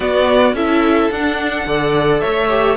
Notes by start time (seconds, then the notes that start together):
0.00 B3 F#4 D5
0.53 C#4 E4 A4 E5
1.11 D4 F#5
1.66 D3 A4 D5
2.20 A3 C#5 E5
2.48 G4